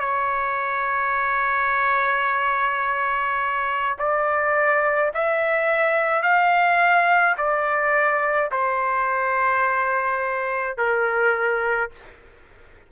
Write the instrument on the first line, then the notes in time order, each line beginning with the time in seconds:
trumpet
0.00 C#5
3.98 D5
5.14 E5
6.22 F5
7.37 D5
8.51 C5
10.77 A#4